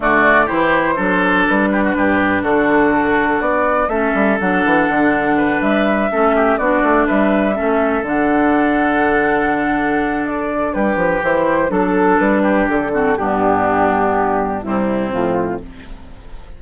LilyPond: <<
  \new Staff \with { instrumentName = "flute" } { \time 4/4 \tempo 4 = 123 d''4 c''2 b'4~ | b'4 a'2 d''4 | e''4 fis''2~ fis''8 e''8~ | e''4. d''4 e''4.~ |
e''8 fis''2.~ fis''8~ | fis''4 d''4 b'4 c''4 | a'4 b'4 a'4 g'4~ | g'2 e'4 f'4 | }
  \new Staff \with { instrumentName = "oboe" } { \time 4/4 fis'4 g'4 a'4. g'16 fis'16 | g'4 fis'2. | a'2. b'4~ | b'8 a'8 g'8 fis'4 b'4 a'8~ |
a'1~ | a'2 g'2 | a'4. g'4 fis'8 d'4~ | d'2 c'2 | }
  \new Staff \with { instrumentName = "clarinet" } { \time 4/4 a4 e'4 d'2~ | d'1 | cis'4 d'2.~ | d'8 cis'4 d'2 cis'8~ |
cis'8 d'2.~ d'8~ | d'2. e'4 | d'2~ d'8 c'8 b4~ | b2 g4 f4 | }
  \new Staff \with { instrumentName = "bassoon" } { \time 4/4 d4 e4 fis4 g4 | g,4 d2 b4 | a8 g8 fis8 e8 d4. g8~ | g8 a4 b8 a8 g4 a8~ |
a8 d2.~ d8~ | d2 g8 f8 e4 | fis4 g4 d4 g,4~ | g,2 c4 a,4 | }
>>